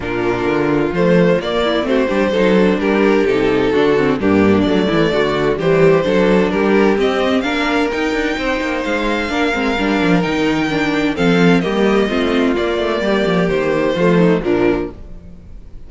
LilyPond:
<<
  \new Staff \with { instrumentName = "violin" } { \time 4/4 \tempo 4 = 129 ais'2 c''4 d''4 | c''2 ais'4 a'4~ | a'4 g'4 d''2 | c''2 ais'4 dis''4 |
f''4 g''2 f''4~ | f''2 g''2 | f''4 dis''2 d''4~ | d''4 c''2 ais'4 | }
  \new Staff \with { instrumentName = "violin" } { \time 4/4 f'2.~ f'8 e'8 | fis'8 g'8 a'4 g'2 | fis'4 d'4. e'8 fis'4 | g'4 a'4 g'2 |
ais'2 c''2 | ais'1 | a'4 g'4 f'2 | g'2 f'8 dis'8 d'4 | }
  \new Staff \with { instrumentName = "viola" } { \time 4/4 d'2 a4 ais4 | c'8 d'8 dis'8 d'4. dis'4 | d'8 c'8 ais4 a2 | g4 d'2 c'4 |
d'4 dis'2. | d'8 c'8 d'4 dis'4 d'4 | c'4 ais4 c'4 ais4~ | ais2 a4 f4 | }
  \new Staff \with { instrumentName = "cello" } { \time 4/4 ais,4 d4 f4 ais4 | a8 g8 fis4 g4 c4 | d4 g,4 fis8 e8 d4 | e4 fis4 g4 c'4 |
ais4 dis'8 d'8 c'8 ais8 gis4 | ais8 gis8 g8 f8 dis2 | f4 g4 a4 ais8 a8 | g8 f8 dis4 f4 ais,4 | }
>>